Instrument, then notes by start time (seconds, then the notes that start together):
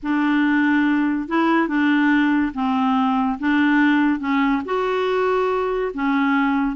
clarinet
0.02 D4
1.28 E4
1.67 D4
2.54 C4
3.39 D4
4.19 C#4
4.65 F#4
5.93 C#4